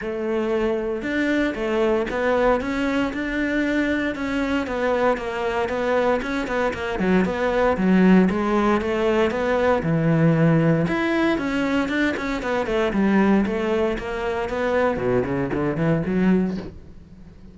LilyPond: \new Staff \with { instrumentName = "cello" } { \time 4/4 \tempo 4 = 116 a2 d'4 a4 | b4 cis'4 d'2 | cis'4 b4 ais4 b4 | cis'8 b8 ais8 fis8 b4 fis4 |
gis4 a4 b4 e4~ | e4 e'4 cis'4 d'8 cis'8 | b8 a8 g4 a4 ais4 | b4 b,8 cis8 d8 e8 fis4 | }